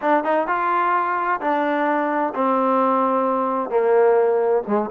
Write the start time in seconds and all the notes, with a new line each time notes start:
0.01 D4
0.24 D#4
0.47 F4
1.40 D4
2.34 C4
3.70 A#3
4.67 G#3